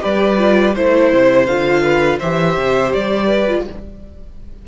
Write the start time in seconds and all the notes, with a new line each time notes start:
0.00 G3 G4 B4 D5
0.38 F4
0.75 A3 E4 C5
1.13 C3
1.46 D3 F4 F5
1.83 B4
2.19 E3 G4 C5 E5
2.58 C3
2.93 G3 D5
3.26 B4
3.48 F4